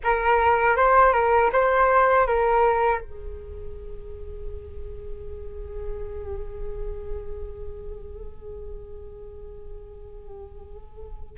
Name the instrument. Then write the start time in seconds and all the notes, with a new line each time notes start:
flute
0.03 A#4
0.76 C5
1.13 A#4
1.52 C5
2.26 A#4
3.01 G#4